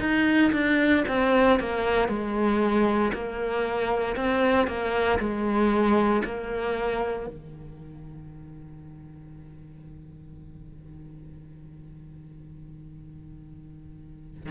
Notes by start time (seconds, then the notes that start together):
0.00 D#4
0.53 D4
1.08 C4
1.60 A#3
2.09 G#3
3.13 A#3
4.17 C4
4.67 A#3
5.20 G#3
6.24 A#3
7.27 D#3